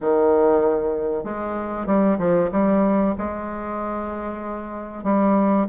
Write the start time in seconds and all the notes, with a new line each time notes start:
0.00 D#3
1.23 G#3
1.86 G3
2.18 F3
2.51 G3
3.18 G#3
5.03 G3